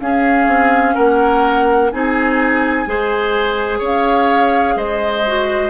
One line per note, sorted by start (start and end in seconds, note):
0.00 0.47 C#4
0.00 1.90 C#4
0.00 0.94 G#4
0.00 0.95 F5
0.47 0.94 C4
0.94 1.92 A#3
0.94 1.90 A#4
0.94 1.90 F#5
1.91 2.86 C4
1.91 2.86 D#4
1.91 2.88 G#4
1.91 3.82 G#5
2.86 3.80 G#3
2.86 5.24 G#4
2.86 3.78 C5
3.78 4.75 C#4
3.78 4.73 C#5
3.85 4.77 F5
4.75 5.69 G#3
4.75 5.69 C5
4.75 5.69 D#5
5.26 5.69 F#4